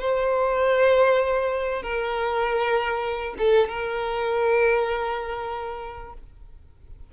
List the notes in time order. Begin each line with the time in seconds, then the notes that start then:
0.00 C5
1.82 A#4
3.38 A4
3.68 A#4